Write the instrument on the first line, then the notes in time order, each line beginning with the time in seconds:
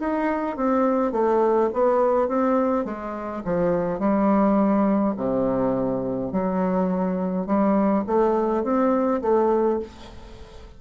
bassoon
0.00 D#4
0.57 C4
1.13 A3
1.74 B3
2.29 C4
2.85 G#3
3.45 F3
4.00 G3
5.18 C3
6.33 F#3
7.47 G3
8.07 A3
8.64 C4
9.22 A3